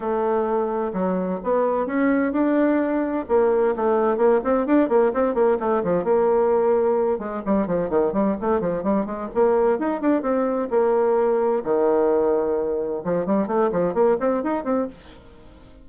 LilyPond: \new Staff \with { instrumentName = "bassoon" } { \time 4/4 \tempo 4 = 129 a2 fis4 b4 | cis'4 d'2 ais4 | a4 ais8 c'8 d'8 ais8 c'8 ais8 | a8 f8 ais2~ ais8 gis8 |
g8 f8 dis8 g8 a8 f8 g8 gis8 | ais4 dis'8 d'8 c'4 ais4~ | ais4 dis2. | f8 g8 a8 f8 ais8 c'8 dis'8 c'8 | }